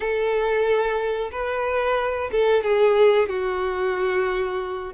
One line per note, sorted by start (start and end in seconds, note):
0.00 1.30 A4
1.31 2.30 B4
2.31 2.63 A4
2.63 3.28 G#4
3.28 4.93 F#4